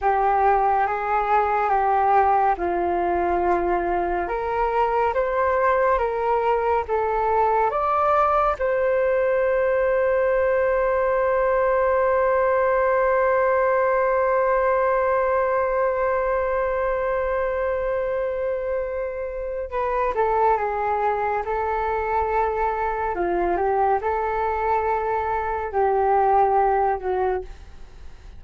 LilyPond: \new Staff \with { instrumentName = "flute" } { \time 4/4 \tempo 4 = 70 g'4 gis'4 g'4 f'4~ | f'4 ais'4 c''4 ais'4 | a'4 d''4 c''2~ | c''1~ |
c''1~ | c''2. b'8 a'8 | gis'4 a'2 f'8 g'8 | a'2 g'4. fis'8 | }